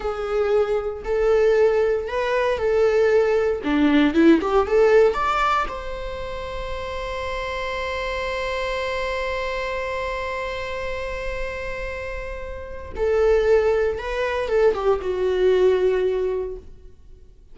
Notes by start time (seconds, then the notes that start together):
0.00 G#4
1.04 A4
2.07 B4
2.58 A4
3.64 D4
4.14 E4
4.41 G4
4.66 A4
5.13 D5
5.68 C5
12.96 A4
13.98 B4
14.48 A4
14.74 G4
15.01 F#4